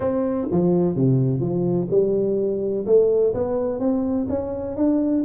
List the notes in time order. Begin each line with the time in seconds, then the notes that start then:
0.00 C4
0.51 F3
0.95 C3
1.40 F3
1.90 G3
2.86 A3
3.34 B3
3.79 C4
4.29 C#4
4.76 D4